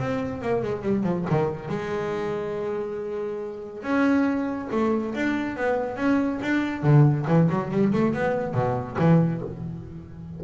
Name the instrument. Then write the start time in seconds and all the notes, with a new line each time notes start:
double bass
0.00 C4
0.42 A#3
0.63 G#3
0.83 G3
1.04 F3
1.30 D#3
1.69 G#3
3.83 C#4
4.72 A3
5.15 D4
5.57 B3
5.97 C#4
6.42 D4
6.83 D3
7.28 E3
7.50 F#3
7.71 G3
7.93 A3
8.14 B3
8.55 B2
8.99 E3